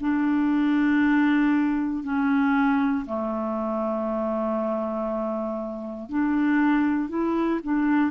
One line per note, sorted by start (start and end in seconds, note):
0.00 2.03 D4
2.03 3.05 C#4
3.06 6.09 A3
6.09 7.09 D4
7.09 7.59 E4
7.63 8.10 D4